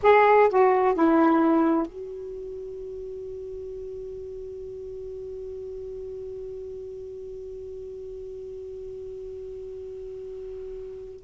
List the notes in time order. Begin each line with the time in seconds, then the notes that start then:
0.02 G#4
0.49 F#4
0.94 E4
1.86 F#4